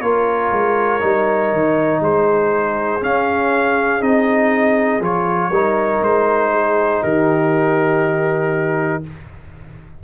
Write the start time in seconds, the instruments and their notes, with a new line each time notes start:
0.00 tuba A#3, trombone F4, horn A#4, trumpet C#5
0.52 tuba G#3
1.00 tuba G3, trombone D#4
1.52 tuba D#3
2.00 tuba G#3, horn G#4, trumpet C5
3.00 trombone C#4, tuba C#4, trumpet F5
4.00 tuba C4, trombone D#4, trumpet D#5
5.00 tuba F3, trombone F4, trumpet C#5
5.49 tuba G3, trombone D#4, horn A#4
6.01 tuba G#3, trumpet C5
6.52 horn G#4
7.01 tuba D#3, horn G4, trumpet A#4